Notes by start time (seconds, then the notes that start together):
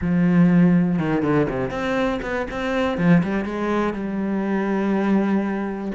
0.01 F3
0.98 D#3
1.22 D3
1.49 C3
1.70 C4
2.22 B3
2.50 C4
2.97 F3
3.23 G3
3.44 G#3
3.93 G3